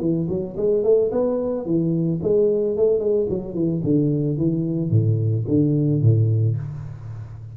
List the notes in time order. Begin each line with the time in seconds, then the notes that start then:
0.00 E3
0.29 F#3
0.57 G#3
0.84 A3
1.12 B3
1.66 E3
2.23 G#3
2.77 A3
3.00 G#3
3.30 F#3
3.54 E3
3.84 D3
4.37 E3
4.91 A2
5.48 D3
6.02 A2